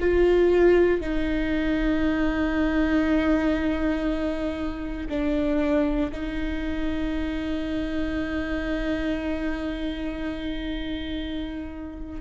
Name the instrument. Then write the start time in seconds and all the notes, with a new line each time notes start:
viola
0.00 F4
1.01 D#4
5.09 D4
6.12 D#4